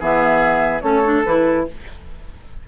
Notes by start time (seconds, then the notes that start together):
0.00 E3 B3 G#4 E5
0.81 A3 C#4 A4 C#5
1.04 D4
1.24 E3 E4 B4